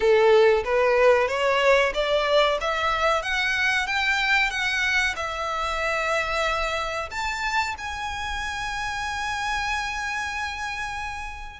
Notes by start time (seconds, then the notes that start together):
0.00 A4
0.64 B4
1.28 C#5
1.94 D5
2.60 E5
3.22 F#5
3.87 G5
4.50 F#5
5.16 E5
7.10 A5
7.77 G#5